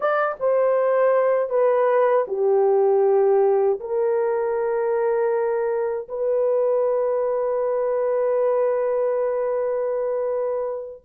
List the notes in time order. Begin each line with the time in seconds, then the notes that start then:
0.00 D5
0.39 C5
1.49 B4
2.28 G4
3.80 A#4
6.08 B4